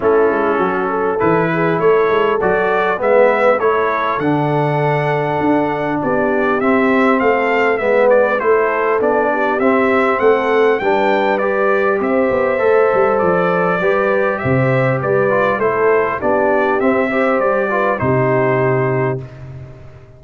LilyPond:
<<
  \new Staff \with { instrumentName = "trumpet" } { \time 4/4 \tempo 4 = 100 a'2 b'4 cis''4 | d''4 e''4 cis''4 fis''4~ | fis''2 d''4 e''4 | f''4 e''8 d''8 c''4 d''4 |
e''4 fis''4 g''4 d''4 | e''2 d''2 | e''4 d''4 c''4 d''4 | e''4 d''4 c''2 | }
  \new Staff \with { instrumentName = "horn" } { \time 4/4 e'4 fis'8 a'4 gis'8 a'4~ | a'4 b'4 a'2~ | a'2 g'2 | a'4 b'4 a'4. g'8~ |
g'4 a'4 b'2 | c''2. b'4 | c''4 b'4 a'4 g'4~ | g'8 c''4 b'8 g'2 | }
  \new Staff \with { instrumentName = "trombone" } { \time 4/4 cis'2 e'2 | fis'4 b4 e'4 d'4~ | d'2. c'4~ | c'4 b4 e'4 d'4 |
c'2 d'4 g'4~ | g'4 a'2 g'4~ | g'4. f'8 e'4 d'4 | c'8 g'4 f'8 dis'2 | }
  \new Staff \with { instrumentName = "tuba" } { \time 4/4 a8 gis8 fis4 e4 a8 gis8 | fis4 gis4 a4 d4~ | d4 d'4 b4 c'4 | a4 gis4 a4 b4 |
c'4 a4 g2 | c'8 b8 a8 g8 f4 g4 | c4 g4 a4 b4 | c'4 g4 c2 | }
>>